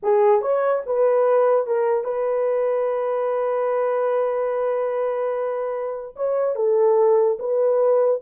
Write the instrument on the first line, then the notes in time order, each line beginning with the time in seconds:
horn
0.02 G#4
0.41 C#5
0.86 B4
1.66 A#4
2.04 B4
6.16 C#5
6.55 A4
7.39 B4